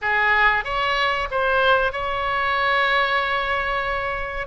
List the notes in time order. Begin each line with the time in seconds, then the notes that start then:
0.01 G#4
0.64 C#5
1.31 C5
1.92 C#5